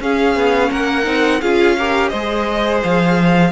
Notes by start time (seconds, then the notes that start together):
0.00 C#4 G#4 F5
0.35 B3
0.70 A#3 A#4 F#5
1.03 C4 D#4
1.41 C#4 F4 G#4 F5
1.78 G4 A#4
2.08 G#3 G#4 C5 D#5
2.83 F3 F5